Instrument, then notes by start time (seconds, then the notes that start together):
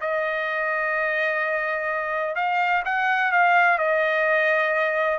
trumpet
0.00 D#5
2.35 F5
2.85 F#5
3.31 F5
3.78 D#5